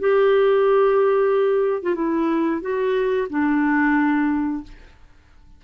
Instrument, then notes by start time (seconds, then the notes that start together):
clarinet
0.00 G4
1.82 F4
1.95 E4
2.61 F#4
3.30 D4